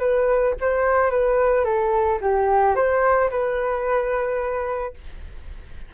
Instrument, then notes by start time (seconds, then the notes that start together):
flute
0.00 B4
0.61 C5
1.11 B4
1.65 A4
2.21 G4
2.76 C5
3.30 B4